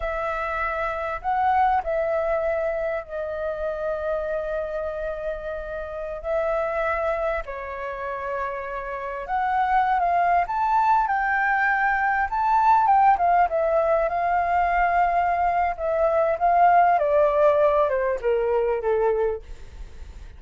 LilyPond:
\new Staff \with { instrumentName = "flute" } { \time 4/4 \tempo 4 = 99 e''2 fis''4 e''4~ | e''4 dis''2.~ | dis''2~ dis''16 e''4.~ e''16~ | e''16 cis''2. fis''8.~ |
fis''8 f''8. a''4 g''4.~ g''16~ | g''16 a''4 g''8 f''8 e''4 f''8.~ | f''2 e''4 f''4 | d''4. c''8 ais'4 a'4 | }